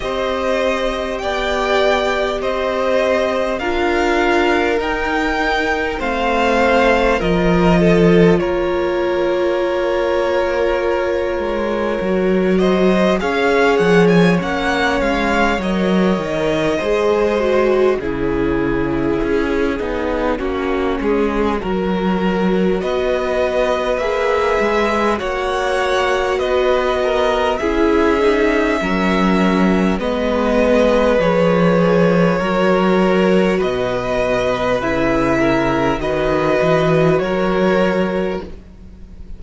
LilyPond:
<<
  \new Staff \with { instrumentName = "violin" } { \time 4/4 \tempo 4 = 50 dis''4 g''4 dis''4 f''4 | g''4 f''4 dis''4 cis''4~ | cis''2~ cis''8 dis''8 f''8 fis''16 gis''16 | fis''8 f''8 dis''2 cis''4~ |
cis''2. dis''4 | e''4 fis''4 dis''4 e''4~ | e''4 dis''4 cis''2 | dis''4 e''4 dis''4 cis''4 | }
  \new Staff \with { instrumentName = "violin" } { \time 4/4 c''4 d''4 c''4 ais'4~ | ais'4 c''4 ais'8 a'8 ais'4~ | ais'2~ ais'8 c''8 cis''4~ | cis''2 c''4 gis'4~ |
gis'4 fis'8 gis'8 ais'4 b'4~ | b'4 cis''4 b'8 ais'8 gis'4 | ais'4 b'2 ais'4 | b'4. ais'8 b'4 ais'4 | }
  \new Staff \with { instrumentName = "viola" } { \time 4/4 g'2. f'4 | dis'4 c'4 f'2~ | f'2 fis'4 gis'4 | cis'4 ais'4 gis'8 fis'8 e'4~ |
e'8 dis'8 cis'4 fis'2 | gis'4 fis'2 e'8 dis'8 | cis'4 b4 gis'4 fis'4~ | fis'4 e'4 fis'2 | }
  \new Staff \with { instrumentName = "cello" } { \time 4/4 c'4 b4 c'4 d'4 | dis'4 a4 f4 ais4~ | ais4. gis8 fis4 cis'8 f8 | ais8 gis8 fis8 dis8 gis4 cis4 |
cis'8 b8 ais8 gis8 fis4 b4 | ais8 gis8 ais4 b4 cis'4 | fis4 gis4 f4 fis4 | b,4 cis4 dis8 e8 fis4 | }
>>